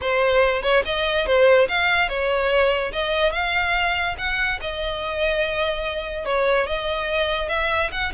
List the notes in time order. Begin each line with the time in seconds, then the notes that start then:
0.01 C5
0.62 C#5
0.85 D#5
1.26 C5
1.68 F5
2.08 C#5
2.92 D#5
3.32 F5
4.18 F#5
4.61 D#5
6.25 C#5
6.67 D#5
7.48 E5
7.91 F#5